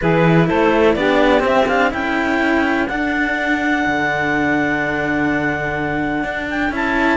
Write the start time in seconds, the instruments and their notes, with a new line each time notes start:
0.01 cello E3 E4, saxophone G#4, clarinet B4
0.47 cello A3, saxophone A4, clarinet C5
0.94 cello B3 D4, saxophone G4, clarinet D5
1.39 cello C4
1.45 clarinet E5
1.67 cello D4, clarinet F5
1.91 cello C#4 E4, saxophone A4, clarinet G5
2.87 cello D4, clarinet F#5
3.86 cello D3
6.23 cello D4
6.50 clarinet G5
6.69 cello C#4 E4, clarinet A5